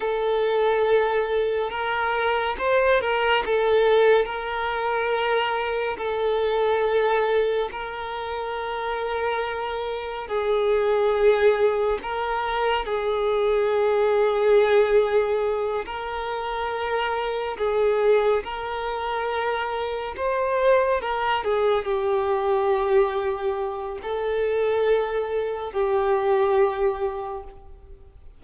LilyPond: \new Staff \with { instrumentName = "violin" } { \time 4/4 \tempo 4 = 70 a'2 ais'4 c''8 ais'8 | a'4 ais'2 a'4~ | a'4 ais'2. | gis'2 ais'4 gis'4~ |
gis'2~ gis'8 ais'4.~ | ais'8 gis'4 ais'2 c''8~ | c''8 ais'8 gis'8 g'2~ g'8 | a'2 g'2 | }